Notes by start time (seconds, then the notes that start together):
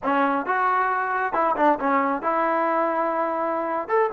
0.03 C#4
0.45 F#4
1.33 E4
1.56 D4
1.79 C#4
2.22 E4
3.88 A4